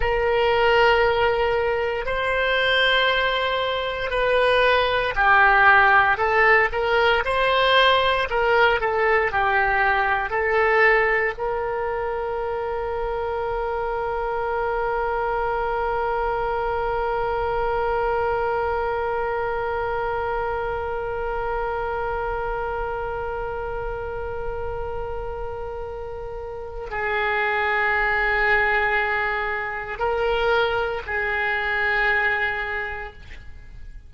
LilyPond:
\new Staff \with { instrumentName = "oboe" } { \time 4/4 \tempo 4 = 58 ais'2 c''2 | b'4 g'4 a'8 ais'8 c''4 | ais'8 a'8 g'4 a'4 ais'4~ | ais'1~ |
ais'1~ | ais'1~ | ais'2 gis'2~ | gis'4 ais'4 gis'2 | }